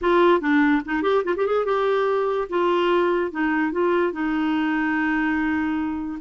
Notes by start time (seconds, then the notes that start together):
0.01 F4
0.40 D4
0.85 D#4
1.02 G4
1.24 F4
1.36 G4
1.46 G#4
1.65 G4
2.49 F4
3.31 D#4
3.72 F4
4.12 D#4